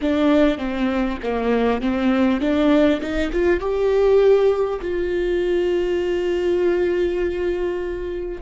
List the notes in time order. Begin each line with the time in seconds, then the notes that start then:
0.01 D4
0.58 C4
1.22 A#3
1.81 C4
2.40 D4
3.01 D#4
3.32 F4
3.59 G4
4.81 F4